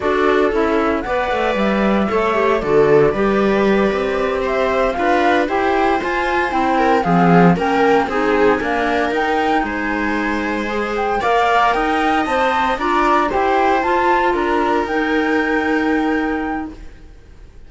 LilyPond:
<<
  \new Staff \with { instrumentName = "flute" } { \time 4/4 \tempo 4 = 115 d''4 e''4 fis''4 e''4~ | e''4 d''2.~ | d''8 e''4 f''4 g''4 gis''8~ | gis''8 g''4 f''4 g''4 gis''8~ |
gis''4. g''4 gis''4.~ | gis''4 g''8 f''4 g''4 a''8~ | a''8 ais''4 g''4 a''4 ais''8~ | ais''8 g''2.~ g''8 | }
  \new Staff \with { instrumentName = "viola" } { \time 4/4 a'2 d''2 | cis''4 a'4 b'2~ | b'8 c''4 b'4 c''4.~ | c''4 ais'8 gis'4 ais'4 gis'8~ |
gis'8 ais'2 c''4.~ | c''4. d''4 dis''4.~ | dis''8 d''4 c''2 ais'8~ | ais'1 | }
  \new Staff \with { instrumentName = "clarinet" } { \time 4/4 fis'4 e'4 b'2 | a'8 g'8 fis'4 g'2~ | g'4. f'4 g'4 f'8~ | f'8 e'4 c'4 cis'4 dis'8~ |
dis'8 ais4 dis'2~ dis'8~ | dis'8 gis'4 ais'2 c''8~ | c''8 f'4 g'4 f'4.~ | f'8 dis'2.~ dis'8 | }
  \new Staff \with { instrumentName = "cello" } { \time 4/4 d'4 cis'4 b8 a8 g4 | a4 d4 g4. c'8~ | c'4. d'4 e'4 f'8~ | f'8 c'4 f4 ais4 c'8~ |
c'8 d'4 dis'4 gis4.~ | gis4. ais4 dis'4 c'8~ | c'8 d'4 e'4 f'4 d'8~ | d'8 dis'2.~ dis'8 | }
>>